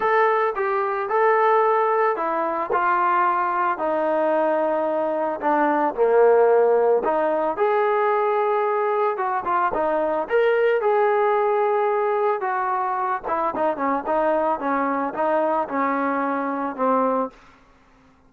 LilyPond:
\new Staff \with { instrumentName = "trombone" } { \time 4/4 \tempo 4 = 111 a'4 g'4 a'2 | e'4 f'2 dis'4~ | dis'2 d'4 ais4~ | ais4 dis'4 gis'2~ |
gis'4 fis'8 f'8 dis'4 ais'4 | gis'2. fis'4~ | fis'8 e'8 dis'8 cis'8 dis'4 cis'4 | dis'4 cis'2 c'4 | }